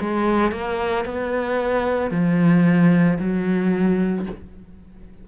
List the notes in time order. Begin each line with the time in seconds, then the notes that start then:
0.00 G#3
0.52 A#3
1.05 B3
2.10 F3
3.19 F#3